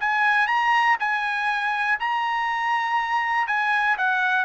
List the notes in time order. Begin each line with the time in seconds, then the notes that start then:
0.00 G#5
0.47 A#5
1.00 G#5
2.00 A#5
3.48 G#5
3.98 F#5